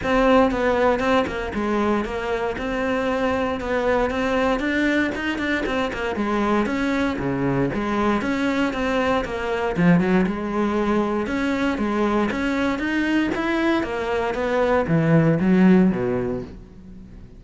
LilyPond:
\new Staff \with { instrumentName = "cello" } { \time 4/4 \tempo 4 = 117 c'4 b4 c'8 ais8 gis4 | ais4 c'2 b4 | c'4 d'4 dis'8 d'8 c'8 ais8 | gis4 cis'4 cis4 gis4 |
cis'4 c'4 ais4 f8 fis8 | gis2 cis'4 gis4 | cis'4 dis'4 e'4 ais4 | b4 e4 fis4 b,4 | }